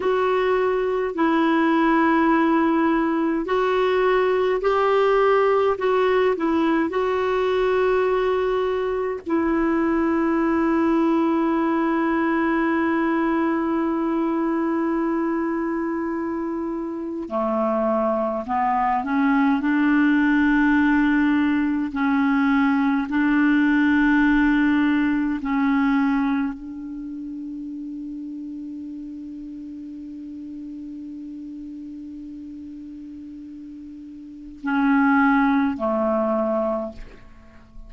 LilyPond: \new Staff \with { instrumentName = "clarinet" } { \time 4/4 \tempo 4 = 52 fis'4 e'2 fis'4 | g'4 fis'8 e'8 fis'2 | e'1~ | e'2. a4 |
b8 cis'8 d'2 cis'4 | d'2 cis'4 d'4~ | d'1~ | d'2 cis'4 a4 | }